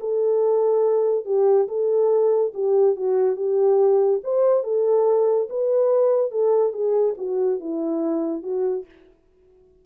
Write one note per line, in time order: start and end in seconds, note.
0.00 1.25 A4
1.25 1.67 G4
1.68 2.52 A4
2.54 2.96 G4
2.96 3.36 F#4
3.36 4.20 G4
4.23 4.63 C5
4.63 5.48 A4
5.49 6.31 B4
6.31 6.72 A4
6.72 7.15 G#4
7.18 7.60 F#4
7.60 8.43 E4
8.43 8.85 F#4